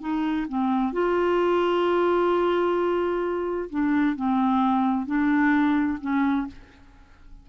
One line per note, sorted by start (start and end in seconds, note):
0.00 0.46 D#4
0.48 0.92 C4
0.92 3.69 F4
3.69 4.15 D4
4.15 5.06 C4
5.06 5.98 D4
6.01 6.47 C#4